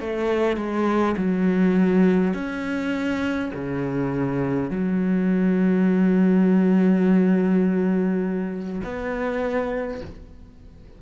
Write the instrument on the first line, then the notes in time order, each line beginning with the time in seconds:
cello
0.00 A3
0.57 G#3
1.17 F#3
2.34 C#4
3.54 C#3
4.70 F#3
8.83 B3